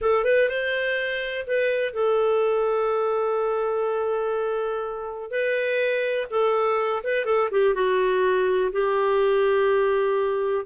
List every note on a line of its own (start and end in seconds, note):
0.01 0.24 A4
0.24 0.48 B4
0.48 1.45 C5
1.46 1.93 B4
1.93 5.30 A4
5.30 6.27 B4
6.30 7.02 A4
7.03 7.25 B4
7.25 7.49 A4
7.51 7.74 G4
7.74 8.71 F#4
8.72 10.65 G4